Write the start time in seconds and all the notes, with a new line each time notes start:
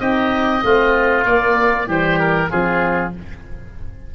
0.00 C4 D#4 G4 D#5
0.64 A3 C4 F4
1.25 A#3 D5
1.87 E3 G3 G4 C5
2.20 A#4
2.50 F3 C4 F4 G#4